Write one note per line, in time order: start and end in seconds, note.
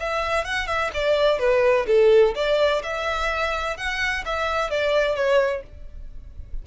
0.00 0.45 E5
0.45 0.67 F#5
0.67 0.91 E5
0.94 1.39 D5
1.39 1.87 B4
1.87 2.35 A4
2.35 2.83 D5
2.83 3.77 E5
3.77 4.25 F#5
4.26 4.71 E5
4.71 5.16 D5
5.16 5.63 C#5